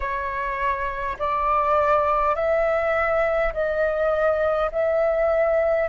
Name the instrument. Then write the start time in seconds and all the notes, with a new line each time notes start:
flute
0.00 C#5
1.18 D5
2.35 E5
3.53 D#5
4.71 E5